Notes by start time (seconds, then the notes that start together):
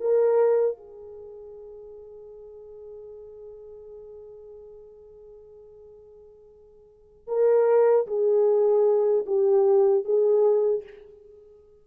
0.00 A#4
0.77 G#4
7.27 A#4
8.07 G#4
9.26 G4
10.05 G#4